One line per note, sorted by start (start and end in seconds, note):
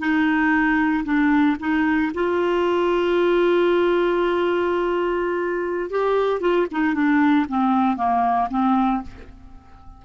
0.00 1.04 D#4
1.05 1.57 D4
1.60 2.12 D#4
2.15 5.90 F4
5.90 6.41 G4
6.41 6.67 F4
6.72 6.95 D#4
6.95 7.47 D4
7.49 7.97 C4
7.97 8.49 A#3
8.50 9.03 C4